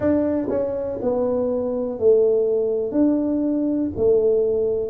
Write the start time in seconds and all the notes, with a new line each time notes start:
0.00 D4
0.49 C#4
1.01 B3
1.99 A3
2.92 D4
3.96 A3